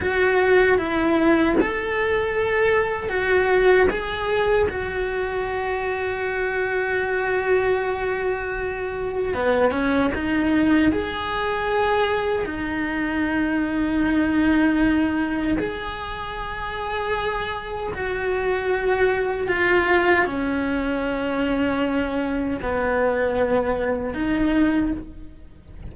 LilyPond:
\new Staff \with { instrumentName = "cello" } { \time 4/4 \tempo 4 = 77 fis'4 e'4 a'2 | fis'4 gis'4 fis'2~ | fis'1 | b8 cis'8 dis'4 gis'2 |
dis'1 | gis'2. fis'4~ | fis'4 f'4 cis'2~ | cis'4 b2 dis'4 | }